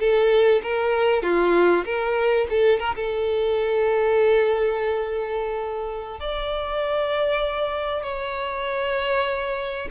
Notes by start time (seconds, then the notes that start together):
0.00 A4
0.63 A#4
1.23 F4
1.85 A#4
2.50 A4
2.79 A#4
2.95 A4
6.20 D5
8.03 C#5